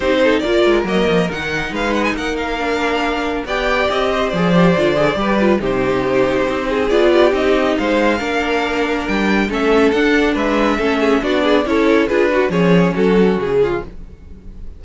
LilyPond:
<<
  \new Staff \with { instrumentName = "violin" } { \time 4/4 \tempo 4 = 139 c''4 d''4 dis''4 fis''4 | f''8 fis''16 gis''16 fis''8 f''2~ f''8 | g''4 dis''4 d''2~ | d''4 c''2. |
d''4 dis''4 f''2~ | f''4 g''4 e''4 fis''4 | e''2 d''4 cis''4 | b'4 cis''4 a'4 gis'4 | }
  \new Staff \with { instrumentName = "violin" } { \time 4/4 g'8 a'8 ais'2. | b'4 ais'2. | d''4. c''2~ c''8 | b'4 g'2~ g'8 gis'8~ |
gis'8 g'4. c''4 ais'4~ | ais'2 a'2 | b'4 a'8 gis'8 fis'8 gis'8 a'4 | gis'8 fis'8 gis'4 fis'4. f'8 | }
  \new Staff \with { instrumentName = "viola" } { \time 4/4 dis'4 f'4 ais4 dis'4~ | dis'2 d'2 | g'2 gis'8 g'8 f'8 gis'8 | g'8 f'8 dis'2. |
f'4 dis'2 d'4~ | d'2 cis'4 d'4~ | d'4 cis'4 d'4 e'4 | f'8 fis'8 cis'2. | }
  \new Staff \with { instrumentName = "cello" } { \time 4/4 c'4 ais8 gis8 fis8 f8 dis4 | gis4 ais2. | b4 c'4 f4 d4 | g4 c2 c'4 |
b4 c'4 gis4 ais4~ | ais4 g4 a4 d'4 | gis4 a4 b4 cis'4 | d'4 f4 fis4 cis4 | }
>>